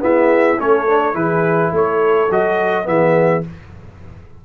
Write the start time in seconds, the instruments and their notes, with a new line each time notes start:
0.00 trombone B3, tuba E4, horn G#4, trumpet E5
0.58 tuba A3, trombone C#4, horn A4, trumpet C#5
0.87 trombone D4
1.14 tuba E3, trombone E4, horn G#4, trumpet B4
1.72 tuba A3, horn A4, trumpet C#5
2.30 tuba F#3, trombone F#4, trumpet D#5
2.84 tuba E3, trombone B3, horn G#4, trumpet E5